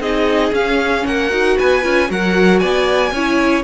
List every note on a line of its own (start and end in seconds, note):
0.00 0.52 C4
0.00 0.52 D#4
0.00 1.05 G#4
0.00 0.53 D#5
0.52 1.04 C#4
0.52 1.30 C#4
0.52 1.07 F5
1.07 1.32 A#3
1.07 1.58 A#4
1.07 1.58 F#5
1.30 1.57 D#4
1.30 1.82 F#4
1.58 1.85 B3
1.58 2.09 B4
1.58 2.11 G#5
1.83 2.11 C#4
1.83 2.08 F4
2.08 2.62 F#3
2.08 3.11 F#4
2.08 2.61 A#4
2.08 2.59 F#5
2.59 3.12 B3
2.59 3.12 D5
2.59 3.63 G#5
3.12 3.64 C#4
3.12 3.64 E4
3.12 3.64 C#5